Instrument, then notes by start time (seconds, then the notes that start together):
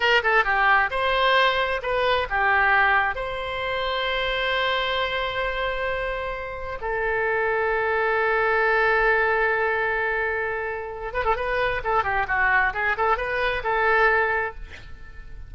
oboe
0.00 A#4
0.23 A4
0.44 G4
0.90 C5
1.82 B4
2.29 G4
3.15 C5
6.81 A4
11.13 B4
11.24 A4
11.36 B4
11.83 A4
12.03 G4
12.27 F#4
12.73 G#4
12.97 A4
13.17 B4
13.63 A4